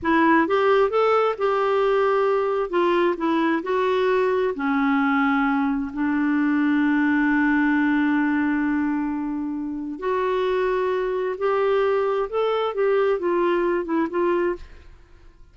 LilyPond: \new Staff \with { instrumentName = "clarinet" } { \time 4/4 \tempo 4 = 132 e'4 g'4 a'4 g'4~ | g'2 f'4 e'4 | fis'2 cis'2~ | cis'4 d'2.~ |
d'1~ | d'2 fis'2~ | fis'4 g'2 a'4 | g'4 f'4. e'8 f'4 | }